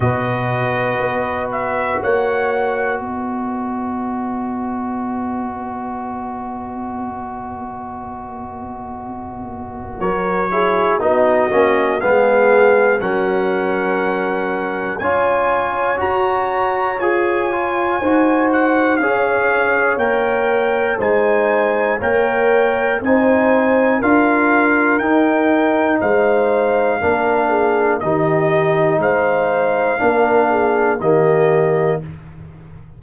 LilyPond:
<<
  \new Staff \with { instrumentName = "trumpet" } { \time 4/4 \tempo 4 = 60 dis''4. e''8 fis''4 dis''4~ | dis''1~ | dis''2 cis''4 dis''4 | f''4 fis''2 gis''4 |
ais''4 gis''4. fis''8 f''4 | g''4 gis''4 g''4 gis''4 | f''4 g''4 f''2 | dis''4 f''2 dis''4 | }
  \new Staff \with { instrumentName = "horn" } { \time 4/4 b'2 cis''4 b'4~ | b'1~ | b'2 ais'8 gis'8 fis'4 | gis'4 ais'2 cis''4~ |
cis''2 c''4 cis''4~ | cis''4 c''4 cis''4 c''4 | ais'2 c''4 ais'8 gis'8 | g'4 c''4 ais'8 gis'8 g'4 | }
  \new Staff \with { instrumentName = "trombone" } { \time 4/4 fis'1~ | fis'1~ | fis'2~ fis'8 e'8 dis'8 cis'8 | b4 cis'2 f'4 |
fis'4 gis'8 f'8 fis'4 gis'4 | ais'4 dis'4 ais'4 dis'4 | f'4 dis'2 d'4 | dis'2 d'4 ais4 | }
  \new Staff \with { instrumentName = "tuba" } { \time 4/4 b,4 b4 ais4 b4~ | b1~ | b2 fis4 b8 ais8 | gis4 fis2 cis'4 |
fis'4 f'4 dis'4 cis'4 | ais4 gis4 ais4 c'4 | d'4 dis'4 gis4 ais4 | dis4 gis4 ais4 dis4 | }
>>